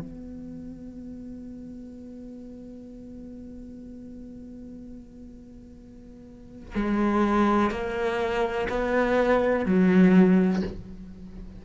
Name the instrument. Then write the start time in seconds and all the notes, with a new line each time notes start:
cello
0.00 B3
6.76 G#3
7.71 A#3
8.70 B3
9.66 F#3